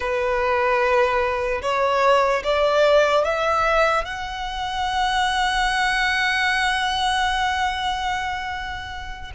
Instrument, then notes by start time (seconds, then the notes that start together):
violin
0.00 B4
1.61 C#5
2.43 D5
3.24 E5
4.04 F#5